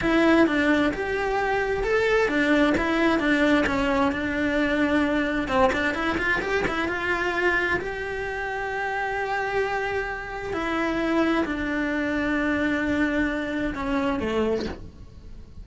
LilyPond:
\new Staff \with { instrumentName = "cello" } { \time 4/4 \tempo 4 = 131 e'4 d'4 g'2 | a'4 d'4 e'4 d'4 | cis'4 d'2. | c'8 d'8 e'8 f'8 g'8 e'8 f'4~ |
f'4 g'2.~ | g'2. e'4~ | e'4 d'2.~ | d'2 cis'4 a4 | }